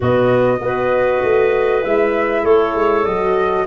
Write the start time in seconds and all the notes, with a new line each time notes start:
0.00 B2 B3 F#4 D#5
0.60 B3 F#4 B4
1.22 A3
1.82 G#3 E4 E5
2.43 A3 A4 C#5
2.75 G#3
3.05 F#3 F#4 D#5